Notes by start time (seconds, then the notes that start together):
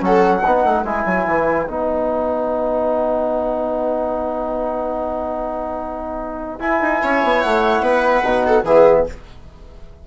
0.00 F#3 C#4 A4 F#5
0.45 B3 D#4 B4
0.64 A3
0.83 G#3 E4 G#5
1.05 F#3
1.26 E3
1.67 B3 D#4 F#5
6.59 E4 G#5
6.81 D#4
7.03 C#4 C#5
7.23 B3
7.41 A3 F#5
7.80 B3 B4
8.23 B2 D#4
8.46 A4
8.63 E3 B3 G#4 E5